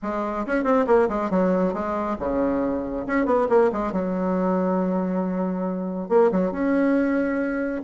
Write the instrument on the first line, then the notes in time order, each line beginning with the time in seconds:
bassoon
0.02 G#3
0.46 C#4
0.63 C4
0.86 A#3
1.08 G#3
1.30 F#3
1.73 G#3
2.19 C#3
3.07 C#4
3.25 B3
3.49 A#3
3.72 G#3
3.92 F#3
6.08 A#3
6.31 F#3
6.51 C#4